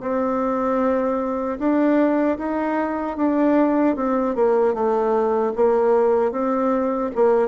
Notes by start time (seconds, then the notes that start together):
0.00 C4
1.59 D4
2.38 D#4
3.17 D4
3.95 C4
4.35 A#3
4.74 A3
5.55 A#3
6.31 C4
7.15 A#3